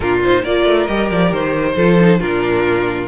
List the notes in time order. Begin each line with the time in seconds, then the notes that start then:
0.00 A#2 D4 F4 A#4
0.23 D#4 C5
0.42 A#3 F4 A#4 D5
0.65 A3
0.87 G3 G4 D#5
1.11 F3 D5
1.31 D#3 C5
1.76 F3 F4 A4
2.00 D#4
2.19 A#2 D4 F4 A#4